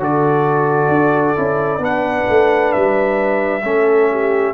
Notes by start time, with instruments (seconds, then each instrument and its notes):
0.00 tuba D3, trombone F#4, horn A4, trumpet D5
0.88 tuba D4
1.36 tuba C#4, trombone E4
1.79 tuba B3, trombone D4, horn B4, trumpet F#5
2.29 tuba A3
2.73 tuba G3, trumpet E5
3.64 tuba A3, trombone C#4, horn A4
4.12 horn G4